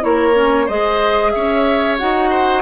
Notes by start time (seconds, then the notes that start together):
0.00 A#3 E4 A#4 C#5
0.34 C#4
0.66 G#3 G#4 C5 D#5
1.31 C#4 C#5 E5
1.98 D#4 F#4 F#5
2.30 C5